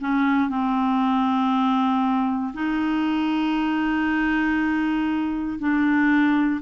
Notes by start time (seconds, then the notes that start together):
0.00 C#4
0.49 C4
2.53 D#4
5.59 D4